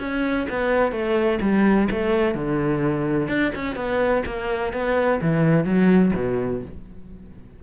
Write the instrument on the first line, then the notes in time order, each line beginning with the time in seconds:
cello
0.00 C#4
0.50 B3
0.92 A3
1.42 G3
1.92 A3
2.35 D3
3.29 D4
3.55 C#4
3.76 B3
4.26 A#3
4.73 B3
5.22 E3
5.65 F#3
6.15 B2